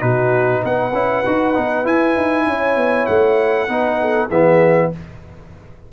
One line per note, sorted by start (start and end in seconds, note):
0.00 0.63 B2
0.00 0.92 D#4
0.00 0.62 F#4
0.00 0.63 B4
0.62 0.93 B3
0.62 2.45 B4
0.62 1.87 F#5
0.93 1.24 C#4
0.93 1.25 E4
1.26 1.57 D#4
1.26 1.54 F#4
1.54 1.85 B3
1.54 1.85 D#4
1.85 3.68 E4
1.85 2.16 E4
1.85 3.06 G#5
2.17 2.47 D#4
2.47 2.77 C#4
2.47 3.68 C#5
2.77 3.07 B3
3.06 3.69 A3
3.06 4.29 F#5
3.68 4.30 B3
3.68 4.30 D#4
3.68 3.99 B4
4.01 4.28 A4
4.28 4.92 E3
4.28 4.93 B3
4.28 4.90 G#4
4.28 4.92 E5